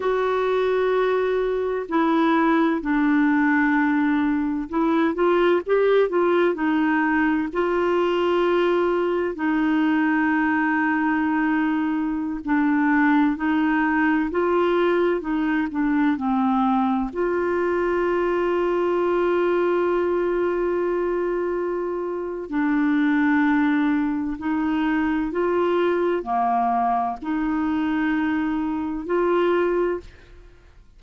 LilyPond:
\new Staff \with { instrumentName = "clarinet" } { \time 4/4 \tempo 4 = 64 fis'2 e'4 d'4~ | d'4 e'8 f'8 g'8 f'8 dis'4 | f'2 dis'2~ | dis'4~ dis'16 d'4 dis'4 f'8.~ |
f'16 dis'8 d'8 c'4 f'4.~ f'16~ | f'1 | d'2 dis'4 f'4 | ais4 dis'2 f'4 | }